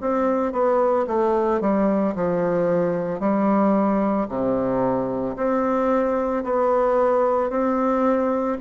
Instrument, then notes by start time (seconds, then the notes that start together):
bassoon
0.00 C4
0.52 B3
1.07 A3
1.61 G3
2.15 F3
3.19 G3
4.29 C3
5.36 C4
6.44 B3
7.50 C4